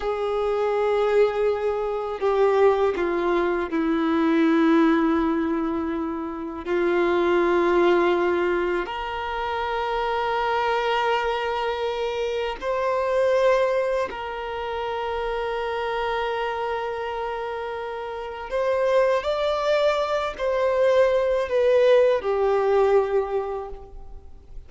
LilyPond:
\new Staff \with { instrumentName = "violin" } { \time 4/4 \tempo 4 = 81 gis'2. g'4 | f'4 e'2.~ | e'4 f'2. | ais'1~ |
ais'4 c''2 ais'4~ | ais'1~ | ais'4 c''4 d''4. c''8~ | c''4 b'4 g'2 | }